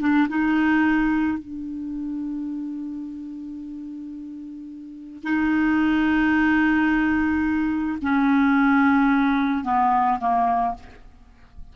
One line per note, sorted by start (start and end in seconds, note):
0.00 0.28 D4
0.29 1.38 D#4
1.38 5.23 D4
5.23 7.98 D#4
8.02 9.64 C#4
9.64 10.19 B3
10.20 10.75 A#3